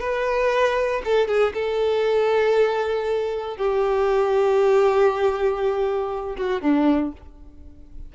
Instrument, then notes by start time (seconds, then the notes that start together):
violin
0.00 B4
1.04 A4
1.28 G#4
1.54 A4
3.57 G4
6.37 F#4
6.61 D4